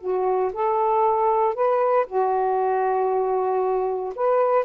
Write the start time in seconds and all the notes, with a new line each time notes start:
0.00 F#4
0.52 A4
1.54 B4
2.06 F#4
4.15 B4